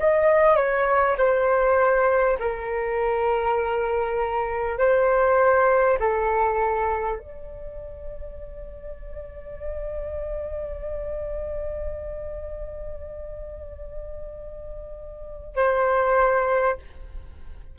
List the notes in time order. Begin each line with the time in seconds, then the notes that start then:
0.00 D#5
0.57 C#5
1.18 C5
2.40 A#4
4.79 C5
6.00 A4
7.19 D5
15.56 C5